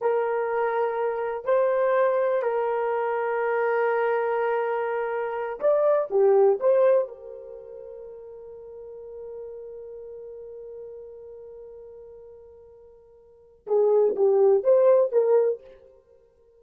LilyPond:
\new Staff \with { instrumentName = "horn" } { \time 4/4 \tempo 4 = 123 ais'2. c''4~ | c''4 ais'2.~ | ais'2.~ ais'8 d''8~ | d''8 g'4 c''4 ais'4.~ |
ais'1~ | ais'1~ | ais'1 | gis'4 g'4 c''4 ais'4 | }